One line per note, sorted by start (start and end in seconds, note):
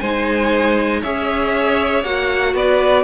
0.00 1.03 G#3
0.00 1.04 D#4
0.00 1.01 C5
0.00 1.02 G#5
1.01 2.04 C#4
1.01 2.05 G#4
1.01 2.54 C#5
1.01 2.04 E5
2.04 2.54 A#3
2.04 3.04 F#4
2.04 2.55 F#5
2.54 3.04 B3
2.54 3.04 B4
2.54 3.04 D5